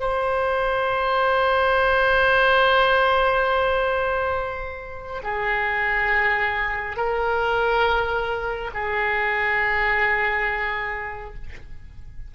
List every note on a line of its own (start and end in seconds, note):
0.00 5.22 C5
5.23 6.96 G#4
6.96 8.70 A#4
8.73 11.34 G#4